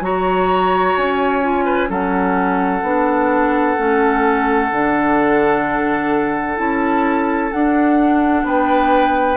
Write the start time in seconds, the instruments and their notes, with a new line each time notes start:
0.00 bassoon F#3, clarinet F#4, oboe C#5, flute A#5
0.97 bassoon C#4, flute G#5
1.41 clarinet F4
1.65 oboe B4
1.88 bassoon F#3, clarinet C#4, oboe A4, flute F#5
2.82 bassoon B3, clarinet D4
3.77 bassoon A3, clarinet C#4
4.71 bassoon D3, clarinet D4
6.56 bassoon C#4, clarinet E4, flute A5
7.52 clarinet D4, bassoon D4, flute F#5
8.43 bassoon B3, oboe B4, flute G5